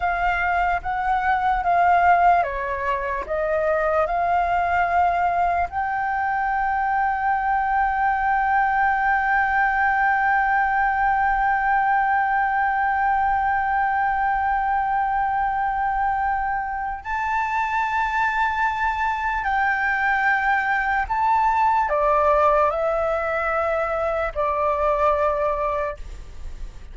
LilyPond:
\new Staff \with { instrumentName = "flute" } { \time 4/4 \tempo 4 = 74 f''4 fis''4 f''4 cis''4 | dis''4 f''2 g''4~ | g''1~ | g''1~ |
g''1~ | g''4 a''2. | g''2 a''4 d''4 | e''2 d''2 | }